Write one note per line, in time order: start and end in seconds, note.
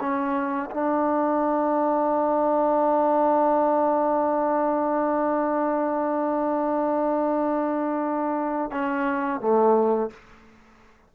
0.00 0.70 C#4
0.70 8.71 D4
8.71 9.40 C#4
9.40 10.10 A3